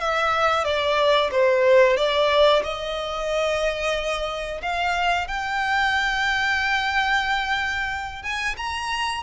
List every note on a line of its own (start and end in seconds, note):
0.00 0.64 E5
0.64 1.30 D5
1.31 1.97 C5
1.97 2.63 D5
2.63 4.61 D#5
4.62 5.27 F5
5.27 8.22 G5
8.22 8.55 G#5
8.57 9.23 A#5